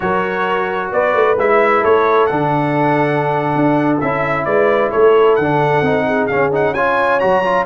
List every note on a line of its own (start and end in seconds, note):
0.00 0.91 F#3
0.00 1.36 F#4
0.00 0.92 A#4
0.00 0.91 C#5
0.91 1.14 B3
0.91 1.81 B4
0.91 1.38 D5
1.14 1.37 A3
1.38 1.83 G#3
1.38 2.29 E4
1.38 1.84 E5
1.81 2.30 A3
1.81 4.44 A4
1.81 2.26 C#5
2.26 3.55 D3
2.26 4.01 D4
2.26 3.98 F#5
3.55 4.01 D4
3.99 4.45 C#4
3.99 5.41 E4
3.99 4.45 E5
4.45 4.91 G#3
4.45 4.91 B4
4.45 4.90 D5
4.91 5.38 A3
4.91 6.05 A4
4.91 5.35 C#5
5.35 5.81 D3
5.35 6.26 F#5
5.41 5.84 D4
5.81 6.27 C4
5.81 6.30 D#4
6.06 6.74 G#4
6.26 6.51 C#4
6.26 6.49 F5
6.33 7.23 C#4
6.51 6.74 D#4
6.51 6.73 F#5
6.73 7.20 F4
6.73 7.65 C#5
6.73 7.19 G#5
7.19 7.65 F#3
7.19 7.43 F#4
7.19 7.65 A#5
7.43 7.65 F4